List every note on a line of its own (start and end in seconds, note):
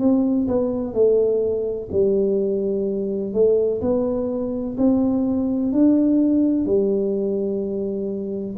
0.00 0.48 C4
0.48 0.94 B3
0.94 1.89 A3
1.92 3.33 G3
3.33 3.81 A3
3.81 4.77 B3
4.78 5.73 C4
5.73 6.66 D4
6.66 8.56 G3